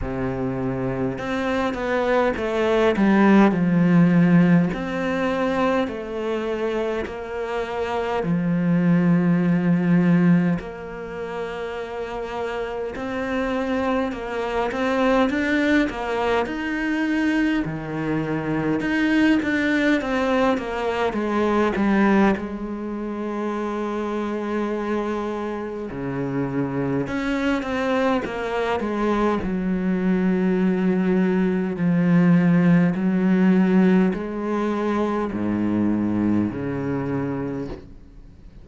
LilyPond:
\new Staff \with { instrumentName = "cello" } { \time 4/4 \tempo 4 = 51 c4 c'8 b8 a8 g8 f4 | c'4 a4 ais4 f4~ | f4 ais2 c'4 | ais8 c'8 d'8 ais8 dis'4 dis4 |
dis'8 d'8 c'8 ais8 gis8 g8 gis4~ | gis2 cis4 cis'8 c'8 | ais8 gis8 fis2 f4 | fis4 gis4 gis,4 cis4 | }